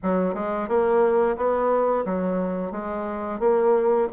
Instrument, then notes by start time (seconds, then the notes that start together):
bassoon
0.02 F#3
0.34 G#3
0.68 A#3
1.36 B3
2.05 F#3
2.71 G#3
3.39 A#3